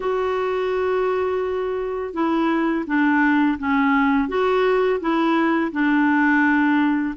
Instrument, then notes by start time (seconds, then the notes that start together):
clarinet
0.00 F#4
2.13 E4
2.86 D4
3.58 C#4
4.28 F#4
5.00 E4
5.71 D4